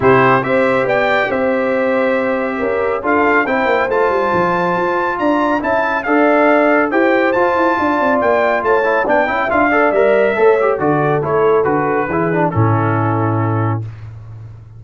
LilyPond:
<<
  \new Staff \with { instrumentName = "trumpet" } { \time 4/4 \tempo 4 = 139 c''4 e''4 g''4 e''4~ | e''2. f''4 | g''4 a''2. | ais''4 a''4 f''2 |
g''4 a''2 g''4 | a''4 g''4 f''4 e''4~ | e''4 d''4 cis''4 b'4~ | b'4 a'2. | }
  \new Staff \with { instrumentName = "horn" } { \time 4/4 g'4 c''4 d''4 c''4~ | c''2 ais'4 a'4 | c''1 | d''4 e''4 d''2 |
c''2 d''2 | cis''4 d''8 e''4 d''4. | cis''4 a'2. | gis'4 e'2. | }
  \new Staff \with { instrumentName = "trombone" } { \time 4/4 e'4 g'2.~ | g'2. f'4 | e'4 f'2.~ | f'4 e'4 a'2 |
g'4 f'2.~ | f'8 e'8 d'8 e'8 f'8 a'8 ais'4 | a'8 g'8 fis'4 e'4 fis'4 | e'8 d'8 cis'2. | }
  \new Staff \with { instrumentName = "tuba" } { \time 4/4 c4 c'4 b4 c'4~ | c'2 cis'4 d'4 | c'8 ais8 a8 g8 f4 f'4 | d'4 cis'4 d'2 |
e'4 f'8 e'8 d'8 c'8 ais4 | a4 b8 cis'8 d'4 g4 | a4 d4 a4 d4 | e4 a,2. | }
>>